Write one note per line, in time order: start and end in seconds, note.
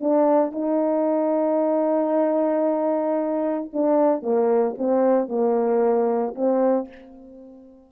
0.00 0.51 D4
0.51 3.70 D#4
3.72 4.22 D4
4.22 4.75 A#3
4.77 5.28 C4
5.28 6.34 A#3
6.35 6.88 C4